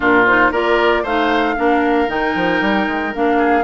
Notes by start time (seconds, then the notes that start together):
0.00 A#2 D4 F4 A#4
0.26 D#4 C5
0.51 A#3 F4 A#4 D5
1.02 A3 D#4 C5 F5
1.56 A#3 D4 A#4
2.07 D#3 D#4 G5
2.35 F3
2.61 G3
2.87 G#3
3.15 A#3 D4 F5
3.37 G#4